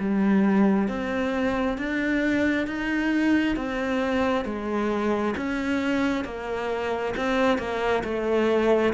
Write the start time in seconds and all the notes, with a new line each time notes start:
0.00 G3
0.88 C4
1.78 D4
2.67 D#4
3.57 C4
4.45 G#3
5.36 C#4
6.25 A#3
7.17 C4
7.58 A#3
8.04 A3